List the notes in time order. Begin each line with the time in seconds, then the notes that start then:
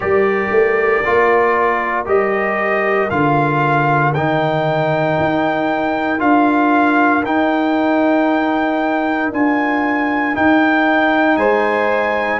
0.00 G3 G4 A#4 D5
0.50 A3
1.05 A#3 F4
2.05 G3 G4 D#5
3.09 D3 F4 F5
4.14 D#3 D#4 G5
5.19 D#4
6.18 D4 F4 F5
7.23 D#4 G5
9.31 D4 F4 G#5
10.34 D#4 G5
11.36 G#3 C5 G#5